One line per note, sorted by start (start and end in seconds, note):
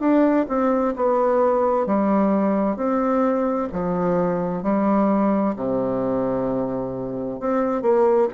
0.00 0.46 D4
0.48 0.94 C4
0.96 1.86 B3
1.86 2.76 G3
2.76 3.68 C4
3.72 4.63 F3
4.63 5.55 G3
5.56 7.40 C3
7.40 7.82 C4
7.82 8.28 A#3